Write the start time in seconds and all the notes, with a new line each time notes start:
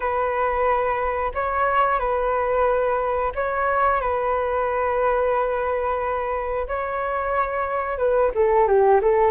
0.00 B4
1.34 C#5
1.98 B4
3.35 C#5
4.00 B4
6.67 C#5
7.98 B4
8.35 A4
8.67 G4
9.01 A4